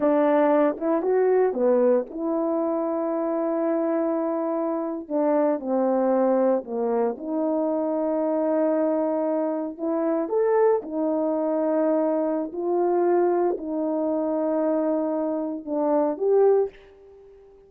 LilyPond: \new Staff \with { instrumentName = "horn" } { \time 4/4 \tempo 4 = 115 d'4. e'8 fis'4 b4 | e'1~ | e'4.~ e'16 d'4 c'4~ c'16~ | c'8. ais4 dis'2~ dis'16~ |
dis'2~ dis'8. e'4 a'16~ | a'8. dis'2.~ dis'16 | f'2 dis'2~ | dis'2 d'4 g'4 | }